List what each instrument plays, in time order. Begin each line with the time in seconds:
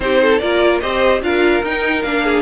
0.00 cello C4, viola D#4, violin G4 C5
0.22 violin A4
0.38 cello A#3, viola F4, violin A#4 D5
0.80 cello C4, viola G4, violin C5 D#5
1.22 cello D4, viola F4, violin A#4 F5
1.63 cello D#4, viola D#4, violin G5
2.02 cello A#3, viola D4, violin F5
2.23 violin G#4